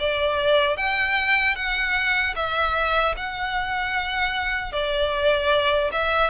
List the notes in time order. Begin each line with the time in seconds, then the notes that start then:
0.00 D5
0.77 G5
1.56 F#5
2.36 E5
3.17 F#5
4.73 D5
5.92 E5